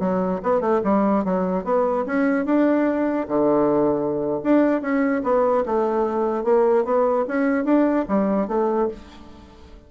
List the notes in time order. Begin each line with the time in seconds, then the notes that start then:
0.00 F#3
0.43 B3
0.61 A3
0.84 G3
1.25 F#3
1.64 B3
2.07 C#4
2.46 D4
3.29 D3
4.44 D4
4.82 C#4
5.24 B3
5.66 A3
6.44 A#3
6.85 B3
7.28 C#4
7.65 D4
8.09 G3
8.48 A3